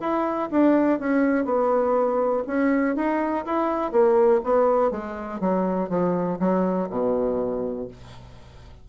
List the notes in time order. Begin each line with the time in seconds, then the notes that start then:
0.00 E4
0.51 D4
0.99 C#4
1.45 B3
2.47 C#4
2.95 D#4
3.45 E4
3.91 A#3
4.44 B3
4.91 G#3
5.40 F#3
5.89 F3
6.39 F#3
6.89 B2